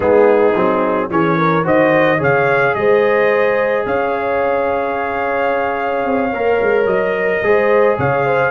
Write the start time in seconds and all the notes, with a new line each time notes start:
0.00 G#3 B3 D#4 G#4
0.55 F#3 C4
1.09 E3 C#4 G#4 C#5
1.37 A#4
1.63 D#3 F#4 C5 D#5
2.18 C#3 G#4 C#5 F5
2.75 G#3 C5 D#5
3.85 C#4 C#5 F5
6.05 C4
6.33 A#3 A#4
6.61 G#3
6.85 F#3 D#5
7.42 G#3 G#4 C5
7.98 C#3 C#5 F5
8.25 C5